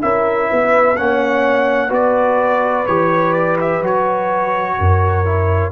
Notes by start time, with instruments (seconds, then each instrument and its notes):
0.00 tuba C#4, trombone E4, horn A#4, trumpet E5
0.49 tuba B3, horn B4
0.97 tuba A#3, trombone C#4, horn C#5, trumpet F#5
1.89 tuba B3, trombone F#4, horn B4, trumpet D5
2.86 tuba E3, trombone G4, trumpet C#5
3.33 trumpet D5
3.61 trumpet E5
3.80 tuba F#3, trombone F#4, trumpet C#5
4.79 tuba F#2, horn A#4
5.25 trombone E4